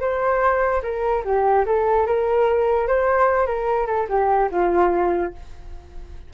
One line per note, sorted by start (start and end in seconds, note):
0.00 0.82 C5
0.82 1.23 A#4
1.24 1.65 G4
1.65 2.06 A4
2.06 2.87 A#4
2.87 3.47 C5
3.47 3.87 A#4
3.87 4.07 A4
4.09 4.50 G4
4.51 5.33 F4